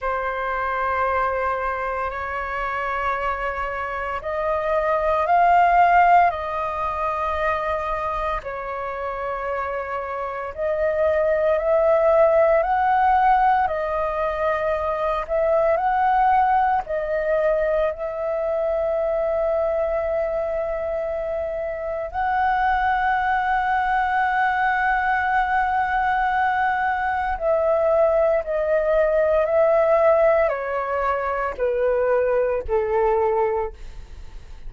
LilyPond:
\new Staff \with { instrumentName = "flute" } { \time 4/4 \tempo 4 = 57 c''2 cis''2 | dis''4 f''4 dis''2 | cis''2 dis''4 e''4 | fis''4 dis''4. e''8 fis''4 |
dis''4 e''2.~ | e''4 fis''2.~ | fis''2 e''4 dis''4 | e''4 cis''4 b'4 a'4 | }